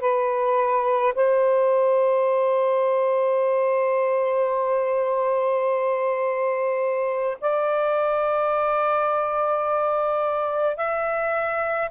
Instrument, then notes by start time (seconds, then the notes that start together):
saxophone
0.00 B4
1.15 C5
7.40 D5
10.77 E5